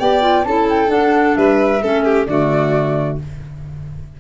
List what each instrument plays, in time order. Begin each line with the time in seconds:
0.00 tuba B3, clarinet G4, violin D5, flute G5
0.21 clarinet F4
0.45 tuba C#4, clarinet E4, violin A4, flute A5
0.70 flute G5
0.88 clarinet D4, tuba D4, flute F#5
1.36 tuba G3, violin B4, flute E5
1.83 tuba A3, clarinet C#4, violin A4
2.05 violin G4
2.27 tuba D3, clarinet A3, violin F#4, flute D5